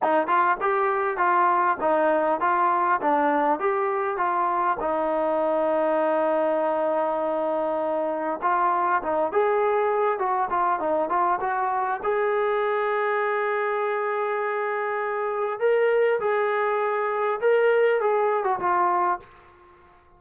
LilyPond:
\new Staff \with { instrumentName = "trombone" } { \time 4/4 \tempo 4 = 100 dis'8 f'8 g'4 f'4 dis'4 | f'4 d'4 g'4 f'4 | dis'1~ | dis'2 f'4 dis'8 gis'8~ |
gis'4 fis'8 f'8 dis'8 f'8 fis'4 | gis'1~ | gis'2 ais'4 gis'4~ | gis'4 ais'4 gis'8. fis'16 f'4 | }